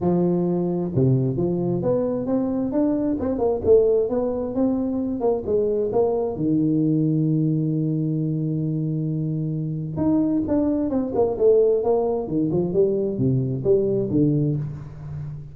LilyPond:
\new Staff \with { instrumentName = "tuba" } { \time 4/4 \tempo 4 = 132 f2 c4 f4 | b4 c'4 d'4 c'8 ais8 | a4 b4 c'4. ais8 | gis4 ais4 dis2~ |
dis1~ | dis2 dis'4 d'4 | c'8 ais8 a4 ais4 dis8 f8 | g4 c4 g4 d4 | }